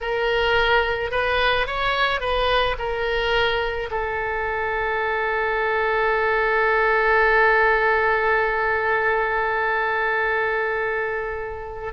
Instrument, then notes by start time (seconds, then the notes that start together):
oboe
0.01 A#4
1.11 B4
1.66 C#5
2.20 B4
2.78 A#4
3.90 A4